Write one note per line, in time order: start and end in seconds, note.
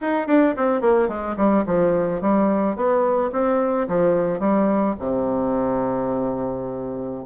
0.01 0.27 D#4
0.27 0.55 D4
0.56 0.81 C4
0.81 1.08 A#3
1.08 1.35 G#3
1.37 1.64 G3
1.66 2.21 F3
2.21 2.75 G3
2.75 3.31 B3
3.32 3.87 C4
3.88 4.39 F3
4.39 4.94 G3
4.99 7.25 C3